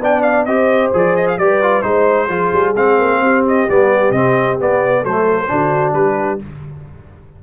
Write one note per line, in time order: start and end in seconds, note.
0.00 0.46 B3
0.00 0.48 D4
0.00 0.47 D5
0.00 0.22 G5
0.22 0.45 F5
0.45 0.92 C4
0.45 0.94 G4
0.45 1.38 C5
0.45 0.91 D#5
0.94 1.38 F3
0.94 1.39 G#4
0.94 1.16 D5
1.16 1.28 D#5
1.28 1.38 F5
1.38 1.84 G3
1.38 1.62 G4
1.38 1.87 B4
1.38 1.82 D5
1.62 1.83 F4
1.82 2.29 G#3
1.82 2.29 D#4
1.82 2.74 C5
1.82 2.29 C5
2.29 2.52 F3
2.29 2.75 F4
2.29 3.20 G#4
2.53 2.76 G3
2.76 2.99 G#3
2.76 3.69 C4
2.76 3.45 F5
2.99 3.21 A#3
3.21 3.67 C4
3.21 5.02 G4
3.48 3.70 D#5
3.69 4.10 G3
3.69 4.15 B3
3.69 4.12 D5
4.10 4.56 C3
4.10 4.59 C4
4.10 4.58 D#5
4.59 5.05 B3
4.59 5.04 B3
4.59 5.05 D5
5.02 5.50 F#3
5.02 5.48 A3
5.02 5.48 A4
5.02 5.94 C5
5.48 5.93 D3
5.48 6.39 D4
5.48 5.97 F#4
5.93 6.39 G3
5.93 6.44 G4
5.93 6.40 B4